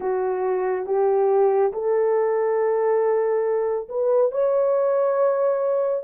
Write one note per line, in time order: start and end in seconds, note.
0.00 0.86 F#4
0.86 1.72 G4
1.72 3.88 A4
3.88 4.31 B4
4.31 6.03 C#5